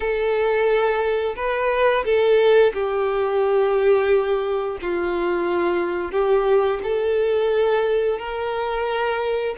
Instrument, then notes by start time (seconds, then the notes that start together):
violin
0.00 A4
1.36 B4
2.04 A4
2.73 G4
4.81 F4
6.11 G4
6.83 A4
8.18 A#4